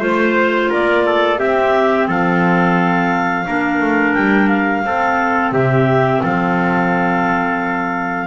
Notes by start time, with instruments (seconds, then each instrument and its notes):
0.00 double bass A3, clarinet F4 C5, trumpet C5
0.70 double bass A#3, trumpet A#4, clarinet D5
1.06 trumpet A4
1.39 clarinet C4 E5, double bass C4, trumpet G4
2.08 double bass F3, trumpet A4, clarinet F5
3.47 double bass A#3, clarinet D4, trumpet A#4
3.81 double bass A3
4.14 double bass G3, clarinet G5
4.48 clarinet F5
4.85 double bass C4, clarinet C4, trumpet A4
5.52 double bass C3, trumpet G4, clarinet E5
6.23 double bass F3, trumpet A4, clarinet F5